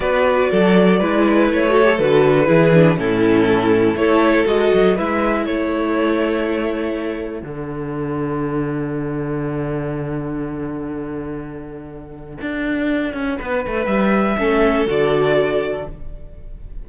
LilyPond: <<
  \new Staff \with { instrumentName = "violin" } { \time 4/4 \tempo 4 = 121 d''2. cis''4 | b'2 a'2 | cis''4 dis''4 e''4 cis''4~ | cis''2. fis''4~ |
fis''1~ | fis''1~ | fis''1 | e''2 d''2 | }
  \new Staff \with { instrumentName = "violin" } { \time 4/4 b'4 a'4 b'4. a'8~ | a'4 gis'4 e'2 | a'2 b'4 a'4~ | a'1~ |
a'1~ | a'1~ | a'2. b'4~ | b'4 a'2. | }
  \new Staff \with { instrumentName = "viola" } { \time 4/4 fis'2 e'4. fis'16 g'16 | fis'4 e'8 d'8 cis'2 | e'4 fis'4 e'2~ | e'2. d'4~ |
d'1~ | d'1~ | d'1~ | d'4 cis'4 fis'2 | }
  \new Staff \with { instrumentName = "cello" } { \time 4/4 b4 fis4 gis4 a4 | d4 e4 a,2 | a4 gis8 fis8 gis4 a4~ | a2. d4~ |
d1~ | d1~ | d4 d'4. cis'8 b8 a8 | g4 a4 d2 | }
>>